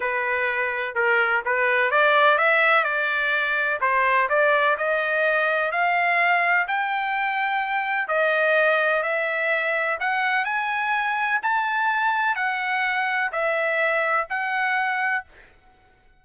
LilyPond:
\new Staff \with { instrumentName = "trumpet" } { \time 4/4 \tempo 4 = 126 b'2 ais'4 b'4 | d''4 e''4 d''2 | c''4 d''4 dis''2 | f''2 g''2~ |
g''4 dis''2 e''4~ | e''4 fis''4 gis''2 | a''2 fis''2 | e''2 fis''2 | }